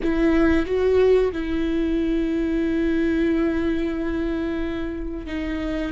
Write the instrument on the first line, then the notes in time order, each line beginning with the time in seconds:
viola
0.02 E4
0.66 F#4
1.32 E4
5.26 D#4